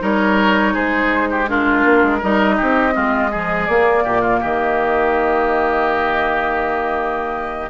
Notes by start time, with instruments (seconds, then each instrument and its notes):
0.00 bassoon G3, clarinet D#4, oboe A#4, flute C#5
0.74 bassoon G#3, oboe G#4, flute C5
1.32 oboe G4
1.49 clarinet D4, oboe F4, flute A#4
1.85 bassoon A#3
2.03 bassoon G#3
2.19 bassoon G3, clarinet D#4, oboe A#4, flute D#5
2.58 bassoon C4, oboe G4
2.94 bassoon G#3, clarinet C4, oboe F4
3.32 clarinet F3, oboe G#4
3.67 bassoon A#3, clarinet A#3, flute D5
4.04 bassoon A#2, oboe G4
4.22 oboe F4
4.41 bassoon D#3, oboe G4, flute D#5